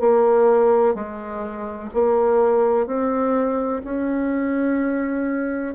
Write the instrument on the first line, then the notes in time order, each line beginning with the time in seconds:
bassoon
0.00 A#3
0.95 G#3
1.94 A#3
2.87 C4
3.84 C#4